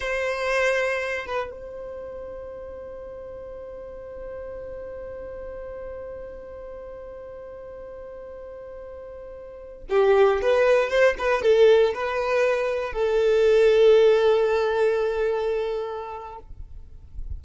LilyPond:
\new Staff \with { instrumentName = "violin" } { \time 4/4 \tempo 4 = 117 c''2~ c''8 b'8 c''4~ | c''1~ | c''1~ | c''1~ |
c''2.~ c''16 g'8.~ | g'16 b'4 c''8 b'8 a'4 b'8.~ | b'4~ b'16 a'2~ a'8.~ | a'1 | }